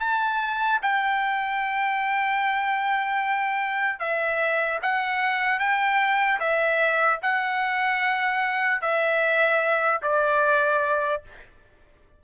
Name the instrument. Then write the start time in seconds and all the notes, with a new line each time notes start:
trumpet
0.00 A5
0.83 G5
3.99 E5
4.82 F#5
5.60 G5
6.40 E5
7.22 F#5
8.81 E5
10.03 D5